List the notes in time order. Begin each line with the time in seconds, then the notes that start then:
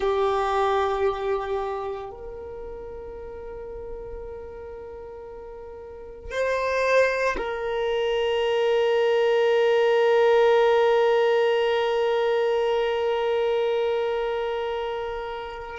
0.00 G4
2.10 A#4
6.31 C5
7.37 A#4